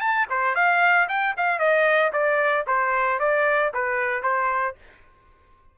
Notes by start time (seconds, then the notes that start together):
0.00 A5
0.30 C5
0.55 F5
1.09 G5
1.37 F5
1.59 D#5
2.13 D5
2.67 C5
3.19 D5
3.74 B4
4.23 C5